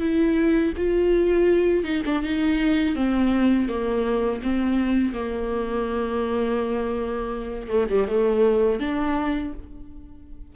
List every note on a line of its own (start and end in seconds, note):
0.00 0.73 E4
0.77 1.84 F4
1.84 2.03 D#4
2.06 2.23 D4
2.23 2.95 D#4
2.95 3.69 C4
3.69 4.42 A#3
4.43 5.13 C4
5.13 7.69 A#3
7.69 7.88 A3
7.90 8.08 G3
8.08 8.80 A3
8.80 9.53 D4